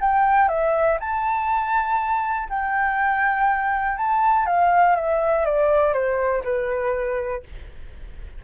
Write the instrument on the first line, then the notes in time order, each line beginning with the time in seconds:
flute
0.00 G5
0.48 E5
1.00 A5
2.49 G5
3.97 A5
4.46 F5
4.95 E5
5.45 D5
5.93 C5
6.44 B4